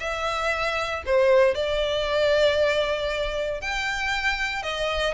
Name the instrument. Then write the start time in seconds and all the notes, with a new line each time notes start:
violin
0.00 E5
1.06 C5
1.55 D5
3.62 G5
4.63 D#5